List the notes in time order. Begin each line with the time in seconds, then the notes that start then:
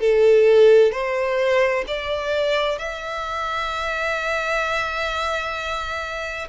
0.00 A4
0.92 C5
1.87 D5
2.79 E5